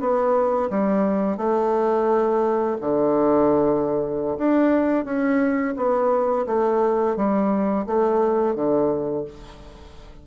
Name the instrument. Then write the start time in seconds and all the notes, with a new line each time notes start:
bassoon
0.00 B3
0.70 G3
1.37 A3
2.81 D3
4.38 D4
5.05 C#4
5.76 B3
6.47 A3
7.16 G3
7.86 A3
8.55 D3